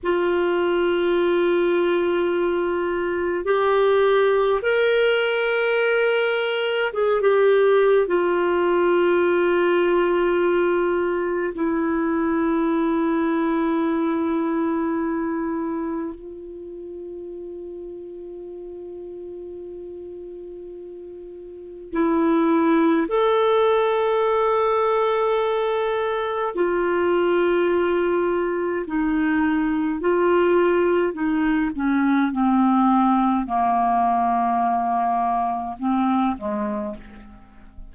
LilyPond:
\new Staff \with { instrumentName = "clarinet" } { \time 4/4 \tempo 4 = 52 f'2. g'4 | ais'2 gis'16 g'8. f'4~ | f'2 e'2~ | e'2 f'2~ |
f'2. e'4 | a'2. f'4~ | f'4 dis'4 f'4 dis'8 cis'8 | c'4 ais2 c'8 gis8 | }